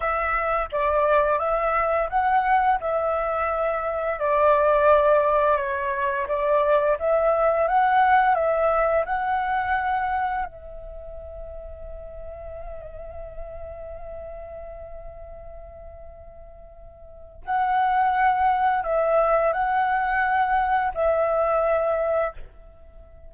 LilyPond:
\new Staff \with { instrumentName = "flute" } { \time 4/4 \tempo 4 = 86 e''4 d''4 e''4 fis''4 | e''2 d''2 | cis''4 d''4 e''4 fis''4 | e''4 fis''2 e''4~ |
e''1~ | e''1~ | e''4 fis''2 e''4 | fis''2 e''2 | }